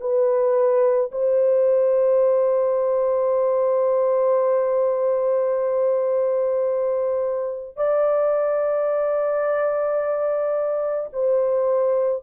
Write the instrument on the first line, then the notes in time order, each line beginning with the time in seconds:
horn
0.00 B4
1.12 C5
7.76 D5
11.13 C5